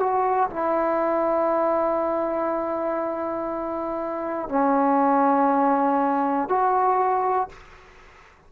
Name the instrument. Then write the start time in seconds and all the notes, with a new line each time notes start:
trombone
0.00 F#4
0.50 E4
4.49 C#4
6.49 F#4